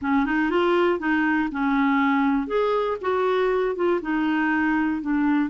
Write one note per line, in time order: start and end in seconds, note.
0.01 0.25 C#4
0.25 0.50 D#4
0.50 0.99 F4
0.99 1.49 D#4
1.51 2.47 C#4
2.47 2.97 G#4
3.01 3.75 F#4
3.75 4.00 F4
4.01 5.01 D#4
5.01 5.49 D4